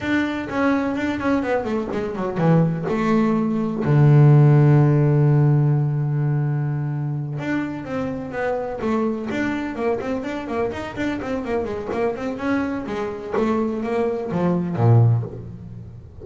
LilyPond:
\new Staff \with { instrumentName = "double bass" } { \time 4/4 \tempo 4 = 126 d'4 cis'4 d'8 cis'8 b8 a8 | gis8 fis8 e4 a2 | d1~ | d2.~ d8 d'8~ |
d'8 c'4 b4 a4 d'8~ | d'8 ais8 c'8 d'8 ais8 dis'8 d'8 c'8 | ais8 gis8 ais8 c'8 cis'4 gis4 | a4 ais4 f4 ais,4 | }